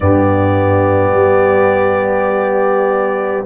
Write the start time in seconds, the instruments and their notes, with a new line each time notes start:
0.00 tuba G2, trombone B3, horn G4, trumpet D5
1.12 tuba G3